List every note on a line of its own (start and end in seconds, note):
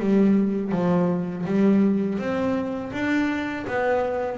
0.00 0.73 G3
0.73 1.46 F3
1.46 2.19 G3
2.19 2.92 C4
2.93 3.66 D4
3.68 4.38 B3